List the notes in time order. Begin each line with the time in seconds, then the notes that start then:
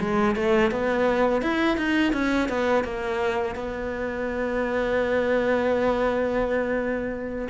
0.00 G#3
0.36 A3
0.71 B3
1.42 E4
1.77 D#4
2.13 C#4
2.49 B3
2.84 A#3
3.55 B3